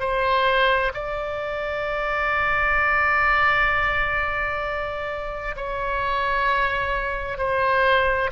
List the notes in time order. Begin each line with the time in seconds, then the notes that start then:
0.00 C5
0.94 D5
5.56 C#5
7.38 C5